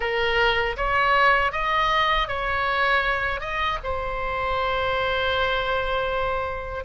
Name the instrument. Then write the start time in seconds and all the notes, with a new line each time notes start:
oboe
0.00 A#4
0.76 C#5
1.52 D#5
2.28 C#5
3.40 D#5
3.83 C5